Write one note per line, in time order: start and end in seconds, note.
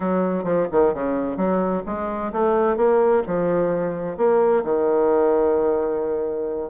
0.00 0.43 F#3
0.43 0.67 F3
0.71 0.94 D#3
0.94 1.36 C#3
1.36 1.83 F#3
1.85 2.32 G#3
2.32 2.77 A3
2.77 3.23 A#3
3.26 4.17 F3
4.17 4.63 A#3
4.64 6.70 D#3